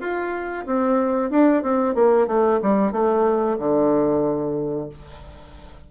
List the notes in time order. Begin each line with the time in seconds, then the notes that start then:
0.00 F4
0.66 C4
1.30 D4
1.63 C4
1.95 A#3
2.27 A3
2.62 G3
2.92 A3
3.59 D3